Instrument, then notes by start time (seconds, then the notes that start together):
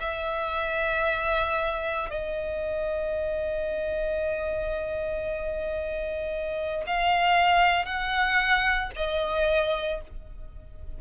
violin
0.00 E5
2.10 D#5
6.86 F5
7.85 F#5
8.95 D#5